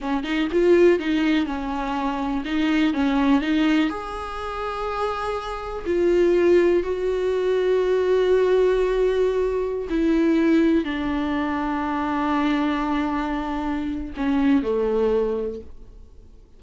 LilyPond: \new Staff \with { instrumentName = "viola" } { \time 4/4 \tempo 4 = 123 cis'8 dis'8 f'4 dis'4 cis'4~ | cis'4 dis'4 cis'4 dis'4 | gis'1 | f'2 fis'2~ |
fis'1~ | fis'16 e'2 d'4.~ d'16~ | d'1~ | d'4 cis'4 a2 | }